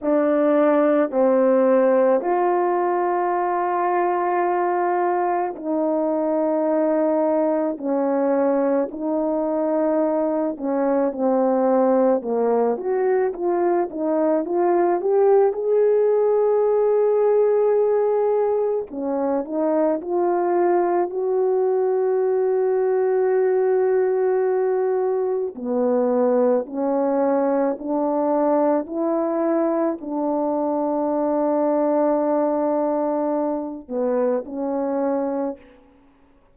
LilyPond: \new Staff \with { instrumentName = "horn" } { \time 4/4 \tempo 4 = 54 d'4 c'4 f'2~ | f'4 dis'2 cis'4 | dis'4. cis'8 c'4 ais8 fis'8 | f'8 dis'8 f'8 g'8 gis'2~ |
gis'4 cis'8 dis'8 f'4 fis'4~ | fis'2. b4 | cis'4 d'4 e'4 d'4~ | d'2~ d'8 b8 cis'4 | }